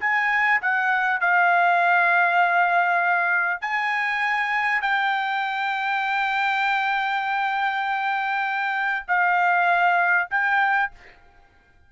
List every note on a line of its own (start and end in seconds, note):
0.00 0.61 G#5
0.61 1.20 F#5
1.20 3.61 F5
3.61 4.82 G#5
4.82 9.06 G5
9.07 10.29 F5
10.31 10.91 G5